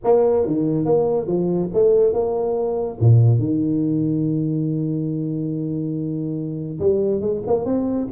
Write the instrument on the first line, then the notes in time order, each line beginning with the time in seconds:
tuba
0.04 A#3
0.46 D#3
0.85 A#3
1.26 F3
1.73 A3
2.13 A#3
3.00 A#2
3.38 D#3
6.79 G3
7.21 G#3
7.46 A#3
7.65 C4